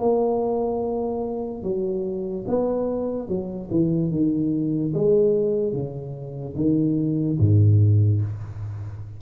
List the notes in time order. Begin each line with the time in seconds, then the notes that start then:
0.00 A#3
1.63 F#3
2.48 B3
3.28 F#3
3.71 E3
4.11 D#3
4.94 G#3
5.73 C#3
6.56 D#3
7.40 G#2